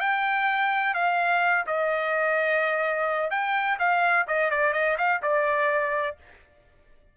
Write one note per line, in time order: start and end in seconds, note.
0.00 0.94 G5
0.94 1.65 F5
1.67 3.31 D#5
3.31 3.78 G5
3.79 4.26 F5
4.28 4.51 D#5
4.51 4.74 D5
4.74 4.97 D#5
4.98 5.22 F5
5.22 6.17 D5